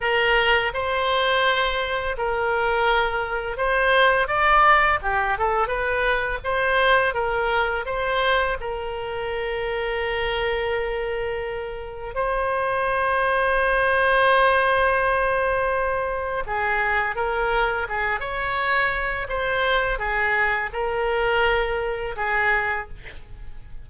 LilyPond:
\new Staff \with { instrumentName = "oboe" } { \time 4/4 \tempo 4 = 84 ais'4 c''2 ais'4~ | ais'4 c''4 d''4 g'8 a'8 | b'4 c''4 ais'4 c''4 | ais'1~ |
ais'4 c''2.~ | c''2. gis'4 | ais'4 gis'8 cis''4. c''4 | gis'4 ais'2 gis'4 | }